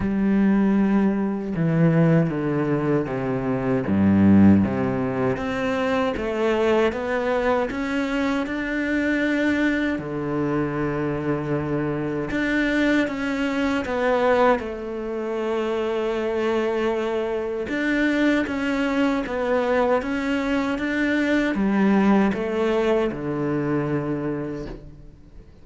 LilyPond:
\new Staff \with { instrumentName = "cello" } { \time 4/4 \tempo 4 = 78 g2 e4 d4 | c4 g,4 c4 c'4 | a4 b4 cis'4 d'4~ | d'4 d2. |
d'4 cis'4 b4 a4~ | a2. d'4 | cis'4 b4 cis'4 d'4 | g4 a4 d2 | }